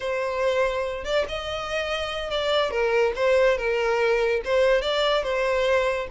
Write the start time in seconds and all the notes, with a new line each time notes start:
0.00 C5
1.04 D5
1.28 D#5
2.30 D5
2.70 A#4
3.15 C5
3.57 A#4
4.44 C5
4.81 D5
5.23 C5